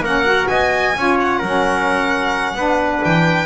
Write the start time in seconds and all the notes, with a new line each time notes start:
0.00 A#3 C#4 A#4 F#5
0.24 F#4
0.48 B3 D#5 G#5
0.97 C#4 F4 C#5
1.20 F#5
1.39 F#3 C#4 A#4
2.54 B3 D4 B4
3.04 E3 G5